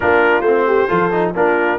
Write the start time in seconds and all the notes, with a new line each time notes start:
0.00 A#3 D4 F4 A#4
0.41 A3 C4 C5
0.66 G4
0.87 F3 F4 A4
1.12 D#4
1.35 A#3 D4 F4 A#4